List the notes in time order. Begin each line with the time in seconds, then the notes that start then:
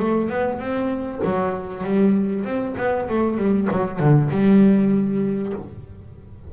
0.00 A3
0.30 B3
0.60 C4
1.25 F#3
1.84 G3
2.45 C4
2.78 B3
3.09 A3
3.38 G3
3.71 F#3
4.00 D3
4.31 G3